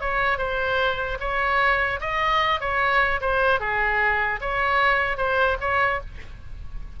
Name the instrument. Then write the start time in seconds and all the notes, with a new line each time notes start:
oboe
0.00 C#5
0.38 C5
1.20 C#5
2.00 D#5
2.60 C#5
3.20 C5
3.59 G#4
4.40 C#5
5.17 C5
5.60 C#5